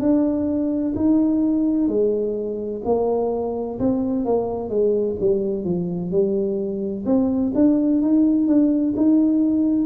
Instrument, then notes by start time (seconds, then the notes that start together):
tuba
0.00 D4
0.95 D#4
1.88 G#3
2.85 A#3
3.79 C4
4.25 A#3
4.69 G#3
5.20 G3
5.64 F3
6.11 G3
7.06 C4
7.55 D4
8.02 D#4
8.47 D4
8.96 D#4